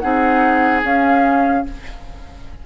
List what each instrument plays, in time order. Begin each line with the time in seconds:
0.00 bassoon C4, clarinet D#4, oboe G#4, flute F#5
0.84 bassoon C#4, clarinet C#4, flute F5